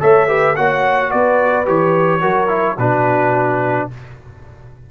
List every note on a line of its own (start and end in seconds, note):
0.00 0.58 A3
0.00 0.28 A4
0.00 0.29 C#5
0.00 0.56 E5
0.28 0.56 G4
0.28 0.56 B4
0.56 1.13 A#3
0.56 1.66 F#4
0.56 1.11 C#5
0.56 1.11 F#5
1.11 1.68 B3
1.11 2.20 B4
1.11 1.67 D5
1.66 2.23 E3
1.66 2.21 G4
1.66 2.78 C#5
2.20 2.78 F#3
2.20 2.48 F#4
2.20 2.76 A#4
2.48 2.76 E4
2.78 3.89 B2
2.78 3.91 D4
2.78 3.90 F#4
2.78 3.89 B4